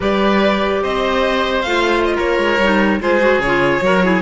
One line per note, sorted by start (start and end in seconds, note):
0.00 0.83 G3
0.00 1.65 G4
0.00 0.82 B4
0.00 0.83 D5
0.82 1.64 C4
0.82 2.16 C5
0.82 1.61 D#5
1.61 2.16 A3
1.61 2.59 F4
1.61 2.03 F5
2.05 2.15 D#5
2.16 2.38 A#3
2.16 2.99 A#4
2.16 3.01 C#5
2.38 2.58 G#3
2.58 2.99 G3
2.58 3.00 D#4
3.00 3.38 G#3
3.00 3.20 F4
3.00 3.84 G#4
3.00 3.40 C5
3.20 3.40 F#4
3.38 3.80 C#3
3.38 4.21 C#5
3.45 3.82 F4
3.81 4.21 F#3
3.81 4.02 F#4
3.81 4.04 A#4
4.03 4.21 E4
4.03 4.21 G#4